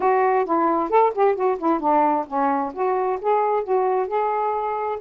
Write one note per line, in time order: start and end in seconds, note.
0.00 0.45 F#4
0.45 0.89 E4
0.89 1.12 A4
1.14 1.35 G4
1.35 1.58 F#4
1.58 1.80 E4
1.80 2.25 D4
2.27 2.72 C#4
2.73 3.19 F#4
3.21 3.63 G#4
3.63 4.07 F#4
4.07 4.98 G#4